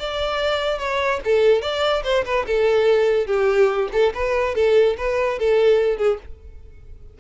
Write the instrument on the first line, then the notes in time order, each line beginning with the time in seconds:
violin
0.00 D5
0.79 C#5
1.25 A4
1.62 D5
2.04 C5
2.25 B4
2.47 A4
3.27 G4
3.93 A4
4.15 B4
4.56 A4
4.98 B4
5.39 A4
5.98 G#4